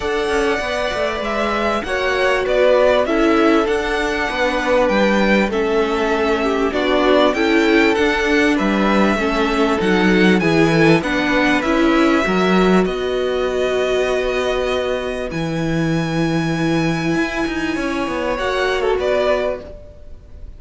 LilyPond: <<
  \new Staff \with { instrumentName = "violin" } { \time 4/4 \tempo 4 = 98 fis''2 e''4 fis''4 | d''4 e''4 fis''2 | g''4 e''2 d''4 | g''4 fis''4 e''2 |
fis''4 gis''4 fis''4 e''4~ | e''4 dis''2.~ | dis''4 gis''2.~ | gis''2 fis''8. a'16 d''4 | }
  \new Staff \with { instrumentName = "violin" } { \time 4/4 d''2. cis''4 | b'4 a'2 b'4~ | b'4 a'4. g'8 fis'4 | a'2 b'4 a'4~ |
a'4 gis'8 a'8 b'2 | ais'4 b'2.~ | b'1~ | b'4 cis''2 b'4 | }
  \new Staff \with { instrumentName = "viola" } { \time 4/4 a'4 b'2 fis'4~ | fis'4 e'4 d'2~ | d'4 cis'2 d'4 | e'4 d'2 cis'4 |
dis'4 e'4 d'4 e'4 | fis'1~ | fis'4 e'2.~ | e'2 fis'2 | }
  \new Staff \with { instrumentName = "cello" } { \time 4/4 d'8 cis'8 b8 a8 gis4 ais4 | b4 cis'4 d'4 b4 | g4 a2 b4 | cis'4 d'4 g4 a4 |
fis4 e4 b4 cis'4 | fis4 b2.~ | b4 e2. | e'8 dis'8 cis'8 b8 ais4 b4 | }
>>